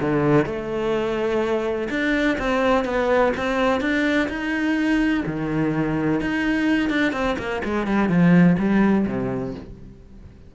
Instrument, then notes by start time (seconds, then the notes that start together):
cello
0.00 D3
0.45 A3
1.90 D4
2.38 C4
2.84 B3
3.36 C4
3.81 D4
4.29 D#4
5.26 D#3
6.21 D#4
6.89 D4
7.12 C4
7.38 A#3
7.64 G#3
7.87 G3
8.08 F3
8.59 G3
9.07 C3